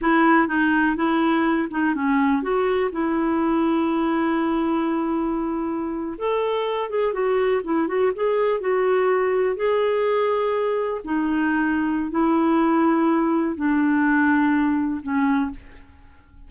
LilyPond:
\new Staff \with { instrumentName = "clarinet" } { \time 4/4 \tempo 4 = 124 e'4 dis'4 e'4. dis'8 | cis'4 fis'4 e'2~ | e'1~ | e'8. a'4. gis'8 fis'4 e'16~ |
e'16 fis'8 gis'4 fis'2 gis'16~ | gis'2~ gis'8. dis'4~ dis'16~ | dis'4 e'2. | d'2. cis'4 | }